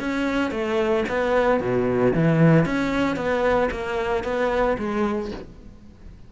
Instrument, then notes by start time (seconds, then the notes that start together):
cello
0.00 C#4
0.51 A3
1.09 B3
1.60 B2
2.14 E3
2.66 C#4
3.17 B3
3.71 A#3
4.24 B3
4.78 G#3